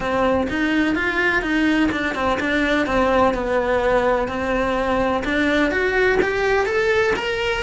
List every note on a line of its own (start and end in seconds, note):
0.00 0.47 C4
0.49 0.95 D#4
0.95 1.42 F4
1.42 1.89 D#4
1.91 2.14 D4
2.14 2.38 C4
2.40 2.86 D4
2.86 3.34 C4
3.34 4.27 B3
4.27 5.23 C4
5.24 5.71 D4
5.71 6.18 F#4
6.22 6.66 G4
6.66 7.13 A4
7.16 7.63 A#4